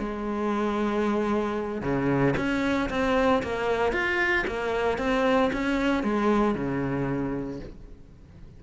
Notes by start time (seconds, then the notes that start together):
0.00 G#3
1.82 C#3
2.37 C#4
2.90 C4
3.43 A#3
3.93 F4
4.48 A#3
4.99 C4
5.53 C#4
6.04 G#3
6.55 C#3